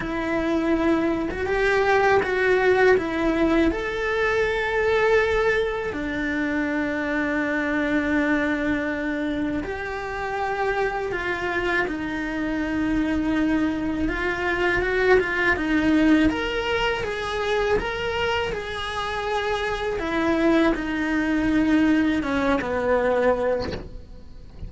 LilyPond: \new Staff \with { instrumentName = "cello" } { \time 4/4 \tempo 4 = 81 e'4.~ e'16 fis'16 g'4 fis'4 | e'4 a'2. | d'1~ | d'4 g'2 f'4 |
dis'2. f'4 | fis'8 f'8 dis'4 ais'4 gis'4 | ais'4 gis'2 e'4 | dis'2 cis'8 b4. | }